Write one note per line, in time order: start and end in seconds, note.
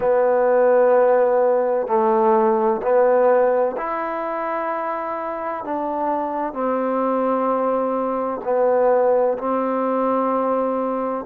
0.00 1.87 B3
1.87 2.81 A3
2.82 3.76 B3
3.77 5.64 E4
5.64 6.53 D4
6.53 8.40 C4
8.44 9.37 B3
9.37 11.25 C4